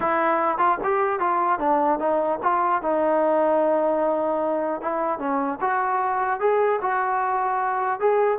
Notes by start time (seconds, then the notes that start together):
0.00 E4
0.57 F4
0.83 G4
1.19 F4
1.59 D4
1.99 D#4
2.42 F4
2.82 D#4
4.81 E4
5.18 C#4
5.60 F#4
6.39 G#4
6.81 F#4
8.00 G#4